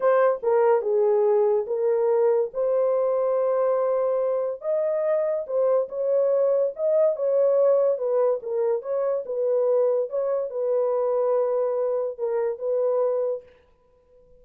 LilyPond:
\new Staff \with { instrumentName = "horn" } { \time 4/4 \tempo 4 = 143 c''4 ais'4 gis'2 | ais'2 c''2~ | c''2. dis''4~ | dis''4 c''4 cis''2 |
dis''4 cis''2 b'4 | ais'4 cis''4 b'2 | cis''4 b'2.~ | b'4 ais'4 b'2 | }